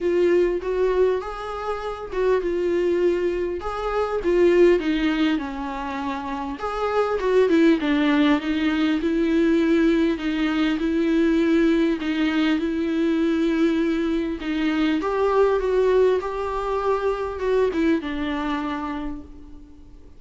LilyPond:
\new Staff \with { instrumentName = "viola" } { \time 4/4 \tempo 4 = 100 f'4 fis'4 gis'4. fis'8 | f'2 gis'4 f'4 | dis'4 cis'2 gis'4 | fis'8 e'8 d'4 dis'4 e'4~ |
e'4 dis'4 e'2 | dis'4 e'2. | dis'4 g'4 fis'4 g'4~ | g'4 fis'8 e'8 d'2 | }